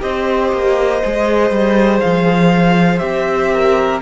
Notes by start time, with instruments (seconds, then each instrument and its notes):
0.00 cello C4, viola G4, violin C5 D#5
0.53 cello A#3
1.04 cello G#3, viola G#4
1.51 cello G3
2.00 cello F3, violin F5
2.99 cello C4, viola G4, violin E5
3.53 violin A#4